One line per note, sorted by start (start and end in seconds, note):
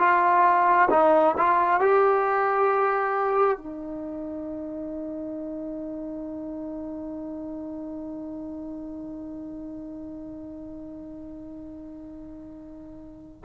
0.00 0.90 F4
0.90 1.35 D#4
1.38 1.81 F4
1.81 3.58 G4
3.58 13.43 D#4